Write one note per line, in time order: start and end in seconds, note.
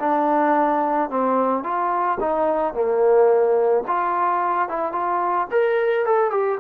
0.00 1.10 D4
1.10 1.64 C4
1.64 2.19 F4
2.21 2.74 D#4
2.74 3.84 A#3
3.88 4.69 F4
4.69 4.93 E4
4.93 5.48 F4
5.51 6.06 A#4
6.06 6.31 A4
6.31 6.59 G4